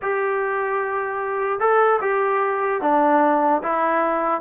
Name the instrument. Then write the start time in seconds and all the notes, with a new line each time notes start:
trombone
0.02 G4
1.59 A4
2.01 G4
2.81 D4
3.62 E4